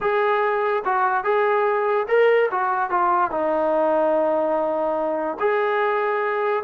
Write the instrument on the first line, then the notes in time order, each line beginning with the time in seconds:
trombone
0.00 G#4
0.85 F#4
1.24 G#4
2.08 A#4
2.51 F#4
2.90 F4
3.30 D#4
5.39 G#4